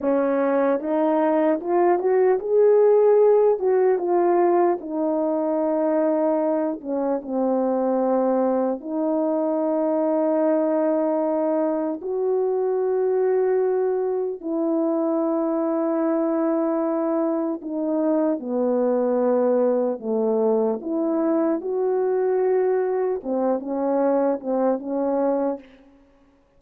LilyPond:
\new Staff \with { instrumentName = "horn" } { \time 4/4 \tempo 4 = 75 cis'4 dis'4 f'8 fis'8 gis'4~ | gis'8 fis'8 f'4 dis'2~ | dis'8 cis'8 c'2 dis'4~ | dis'2. fis'4~ |
fis'2 e'2~ | e'2 dis'4 b4~ | b4 a4 e'4 fis'4~ | fis'4 c'8 cis'4 c'8 cis'4 | }